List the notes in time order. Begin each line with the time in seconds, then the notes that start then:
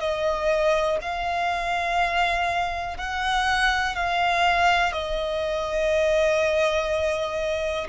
0.00 D#5
1.01 F5
2.98 F#5
3.95 F5
4.93 D#5